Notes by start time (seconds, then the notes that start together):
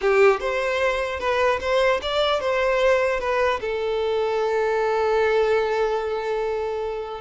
0.01 G4
0.40 C5
1.19 B4
1.60 C5
2.01 D5
2.40 C5
3.20 B4
3.60 A4